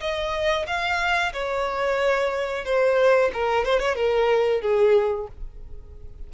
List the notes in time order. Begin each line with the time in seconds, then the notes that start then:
0.00 D#5
0.67 F5
1.33 C#5
2.65 C5
3.33 A#4
3.64 C5
3.79 C#5
3.95 A#4
4.61 G#4